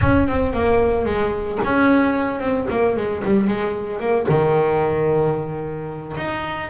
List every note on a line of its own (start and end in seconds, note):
0.01 0.27 C#4
0.27 0.53 C4
0.53 1.05 A#3
1.05 1.58 G#3
1.64 2.40 C#4
2.40 2.66 C4
2.70 2.96 A#3
2.96 3.23 G#3
3.24 3.47 G3
3.47 3.99 G#3
3.99 4.26 A#3
4.28 6.16 D#3
6.16 6.69 D#4